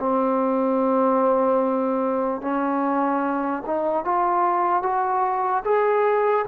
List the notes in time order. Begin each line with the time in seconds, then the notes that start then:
0.00 C4
2.42 C#4
3.67 D#4
4.05 F4
4.83 F#4
5.65 G#4